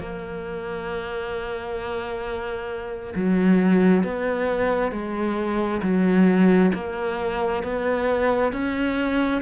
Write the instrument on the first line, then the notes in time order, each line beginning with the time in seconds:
cello
0.00 A#3
3.15 F#3
4.04 B3
4.91 G#3
5.82 F#3
6.74 A#3
7.63 B3
8.52 C#4